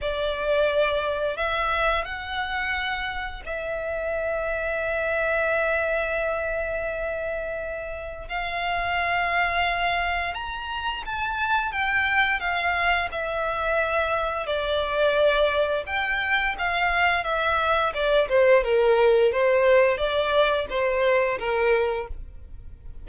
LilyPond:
\new Staff \with { instrumentName = "violin" } { \time 4/4 \tempo 4 = 87 d''2 e''4 fis''4~ | fis''4 e''2.~ | e''1 | f''2. ais''4 |
a''4 g''4 f''4 e''4~ | e''4 d''2 g''4 | f''4 e''4 d''8 c''8 ais'4 | c''4 d''4 c''4 ais'4 | }